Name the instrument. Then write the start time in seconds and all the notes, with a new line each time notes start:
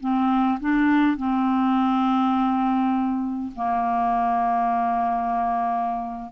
clarinet
0.00 C4
0.60 D4
1.17 C4
3.55 A#3